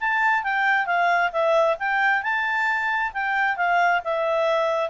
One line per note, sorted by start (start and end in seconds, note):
0.00 0.43 A5
0.43 0.86 G5
0.86 1.30 F5
1.32 1.77 E5
1.79 2.22 G5
2.22 3.12 A5
3.13 3.56 G5
3.56 4.01 F5
4.04 4.90 E5